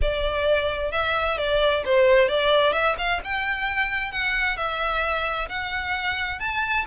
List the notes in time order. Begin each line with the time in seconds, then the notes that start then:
0.01 D5
0.91 E5
1.37 D5
1.85 C5
2.28 D5
2.72 E5
2.98 F5
3.24 G5
4.11 F#5
4.56 E5
5.48 F#5
6.39 A5